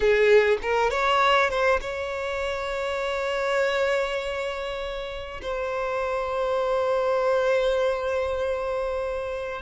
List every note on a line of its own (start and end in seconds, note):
0.00 0.58 G#4
0.61 0.90 A#4
0.90 1.49 C#5
1.49 1.79 C5
1.80 5.40 C#5
5.42 9.61 C5